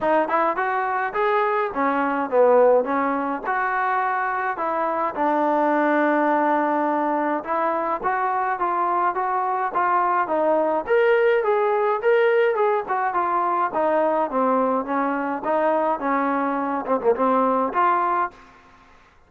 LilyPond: \new Staff \with { instrumentName = "trombone" } { \time 4/4 \tempo 4 = 105 dis'8 e'8 fis'4 gis'4 cis'4 | b4 cis'4 fis'2 | e'4 d'2.~ | d'4 e'4 fis'4 f'4 |
fis'4 f'4 dis'4 ais'4 | gis'4 ais'4 gis'8 fis'8 f'4 | dis'4 c'4 cis'4 dis'4 | cis'4. c'16 ais16 c'4 f'4 | }